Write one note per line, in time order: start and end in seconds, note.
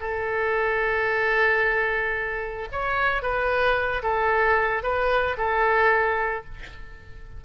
0.00 2.68 A4
2.72 3.22 C#5
3.22 4.02 B4
4.02 4.83 A4
4.83 5.36 B4
5.37 6.44 A4